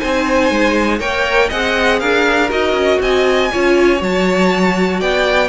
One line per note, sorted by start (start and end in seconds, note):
0.00 0.51 C4
0.00 0.99 D#4
0.00 0.99 C5
0.00 1.00 G#5
0.51 1.00 G#3
0.99 1.50 A#3
0.99 1.49 A#4
0.99 1.49 C#5
0.99 1.50 G5
1.49 2.02 C4
1.49 2.50 G#4
1.49 1.99 D#5
1.49 2.00 F#5
2.00 2.52 D4
2.00 3.00 A#4
2.00 2.50 F5
2.50 2.73 D#4
2.50 3.50 F#4
2.50 3.01 D#5
2.73 2.98 C#4
3.01 3.51 C4
3.01 3.52 D#5
3.01 4.02 G#5
3.52 4.02 C#4
3.52 3.99 F4
3.52 5.00 C#5
3.99 5.02 F#3
3.99 5.49 F#4
3.99 5.01 A5
5.00 5.49 B3
5.00 5.49 D5
5.00 5.49 G5